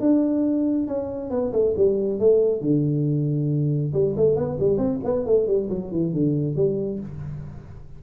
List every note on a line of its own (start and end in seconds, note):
0.00 0.87 D4
0.87 1.30 C#4
1.30 1.52 B3
1.52 1.74 A3
1.76 2.19 G3
2.19 2.61 A3
2.61 3.92 D3
3.93 4.15 G3
4.16 4.36 A3
4.36 4.58 B3
4.60 4.78 G3
4.78 4.99 C4
5.04 5.26 B3
5.26 5.47 A3
5.47 5.69 G3
5.69 5.91 F#3
5.91 6.13 E3
6.13 6.56 D3
6.56 7.00 G3